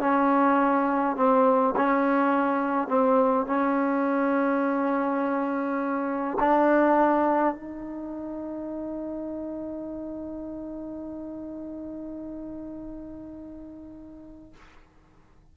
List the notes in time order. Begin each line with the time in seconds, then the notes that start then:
0.00 C#4
1.17 C4
1.76 C#4
2.88 C4
3.47 C#4
6.40 D4
7.55 D#4